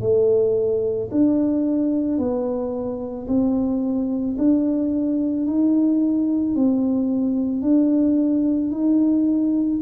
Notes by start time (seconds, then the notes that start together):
0.00 A3
1.11 D4
2.18 B3
3.27 C4
4.37 D4
5.46 D#4
6.55 C4
7.62 D4
8.71 D#4